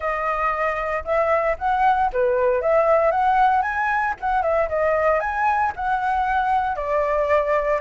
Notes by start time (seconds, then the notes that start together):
0.00 D#5
1.04 E5
1.58 F#5
2.12 B4
2.61 E5
3.11 F#5
3.62 G#5
4.20 F#5
4.42 E5
4.68 D#5
5.20 G#5
5.76 F#5
6.76 D5